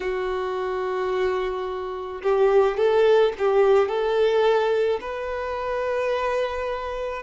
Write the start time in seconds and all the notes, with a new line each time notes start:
0.00 F#4
2.22 G4
2.77 A4
3.38 G4
3.88 A4
5.01 B4